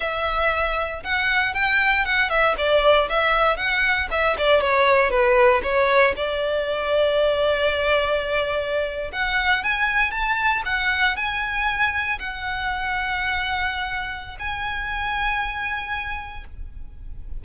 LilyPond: \new Staff \with { instrumentName = "violin" } { \time 4/4 \tempo 4 = 117 e''2 fis''4 g''4 | fis''8 e''8 d''4 e''4 fis''4 | e''8 d''8 cis''4 b'4 cis''4 | d''1~ |
d''4.~ d''16 fis''4 gis''4 a''16~ | a''8. fis''4 gis''2 fis''16~ | fis''1 | gis''1 | }